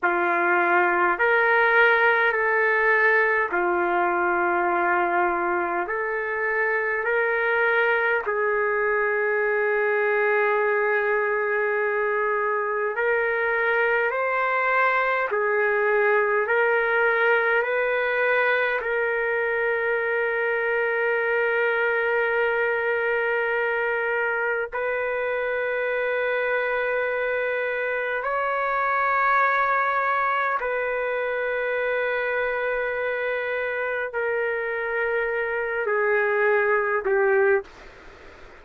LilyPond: \new Staff \with { instrumentName = "trumpet" } { \time 4/4 \tempo 4 = 51 f'4 ais'4 a'4 f'4~ | f'4 a'4 ais'4 gis'4~ | gis'2. ais'4 | c''4 gis'4 ais'4 b'4 |
ais'1~ | ais'4 b'2. | cis''2 b'2~ | b'4 ais'4. gis'4 g'8 | }